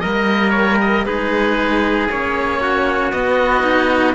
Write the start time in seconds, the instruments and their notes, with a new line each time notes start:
0.00 cello G3 A#3, trumpet A#4, oboe D#5
0.50 oboe C#5
0.80 oboe D#5
1.05 cello G#3 D#4, trumpet G#4, oboe B4
2.09 cello A#3 C#4, oboe C#5
2.61 trumpet F#4
3.12 cello B3, oboe D#5
3.62 cello D#4